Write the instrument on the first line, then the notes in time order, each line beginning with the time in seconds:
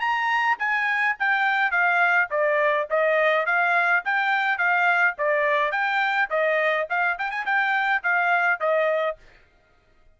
trumpet
0.00 A#5
0.59 G#5
1.19 G5
1.71 F5
2.30 D5
2.90 D#5
3.46 F5
4.05 G5
4.58 F5
5.18 D5
5.71 G5
6.30 D#5
6.89 F5
7.18 G5
7.31 G#5
7.45 G5
8.03 F5
8.60 D#5